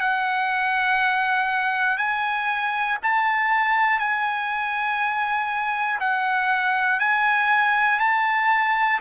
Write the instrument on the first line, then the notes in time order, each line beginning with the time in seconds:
trumpet
0.00 F#5
1.98 G#5
3.03 A5
3.99 G#5
6.00 F#5
7.00 G#5
8.00 A5